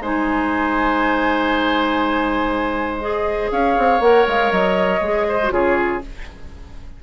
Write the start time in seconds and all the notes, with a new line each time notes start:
0.00 G#3 D#4 C5 G#5
3.00 G#4 D#5
3.52 C#4 C#5 F5
3.78 C4
4.00 A#3 A#4 F#5
4.28 G#3 F5
4.52 F#3 D#5
5.01 G#3 G#4
5.29 C5
5.43 F#4
5.51 C#3 F4 G#4 C#5